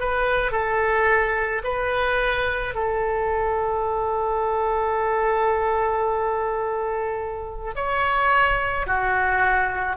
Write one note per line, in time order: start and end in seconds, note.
0.00 0.51 B4
0.51 1.62 A4
1.64 2.75 B4
2.75 7.75 A4
7.75 8.86 C#5
8.87 9.96 F#4